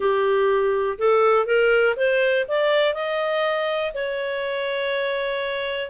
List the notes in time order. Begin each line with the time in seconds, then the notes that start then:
0.00 G4
0.98 A4
1.46 A#4
1.96 C5
2.47 D5
2.94 D#5
3.94 C#5